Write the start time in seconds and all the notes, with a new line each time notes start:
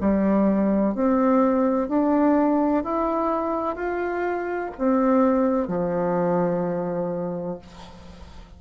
0.00 G3
0.94 C4
1.88 D4
2.84 E4
3.75 F4
4.78 C4
5.68 F3